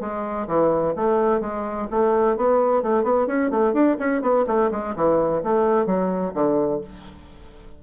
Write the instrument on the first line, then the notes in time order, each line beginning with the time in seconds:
bassoon
0.00 G#3
0.47 E3
0.95 A3
1.41 G#3
1.90 A3
2.37 B3
2.82 A3
3.03 B3
3.27 C#4
3.50 A3
3.73 D4
3.99 C#4
4.22 B3
4.47 A3
4.71 G#3
4.96 E3
5.43 A3
5.86 F#3
6.34 D3